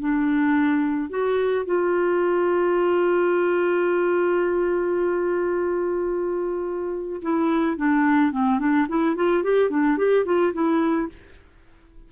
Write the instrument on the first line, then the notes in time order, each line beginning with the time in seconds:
clarinet
0.00 D4
1.10 F#4
1.66 F4
7.22 E4
7.77 D4
8.32 C4
8.59 D4
8.89 E4
9.16 F4
9.44 G4
9.70 D4
9.98 G4
10.26 F4
10.54 E4